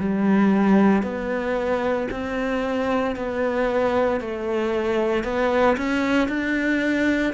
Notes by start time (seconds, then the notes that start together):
0.00 G3
1.03 B3
2.11 C4
3.16 B3
4.21 A3
5.24 B3
5.78 C#4
6.29 D4